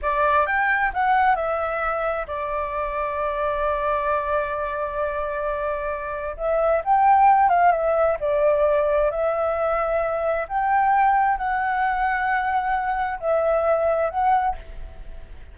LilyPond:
\new Staff \with { instrumentName = "flute" } { \time 4/4 \tempo 4 = 132 d''4 g''4 fis''4 e''4~ | e''4 d''2.~ | d''1~ | d''2 e''4 g''4~ |
g''8 f''8 e''4 d''2 | e''2. g''4~ | g''4 fis''2.~ | fis''4 e''2 fis''4 | }